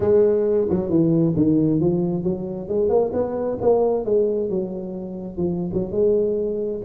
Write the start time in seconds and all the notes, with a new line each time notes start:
0.00 G#3
0.69 F#3
0.89 E3
1.36 D#3
1.80 F3
2.23 F#3
2.68 G#3
2.89 A#3
3.13 B3
3.61 A#3
4.04 G#3
4.49 F#3
5.37 F3
5.73 F#3
5.91 G#3